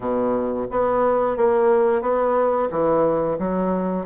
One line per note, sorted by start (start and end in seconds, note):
0.00 0.66 B2
0.70 1.36 B3
1.36 2.01 A#3
2.01 2.68 B3
2.70 3.38 E3
3.39 4.05 F#3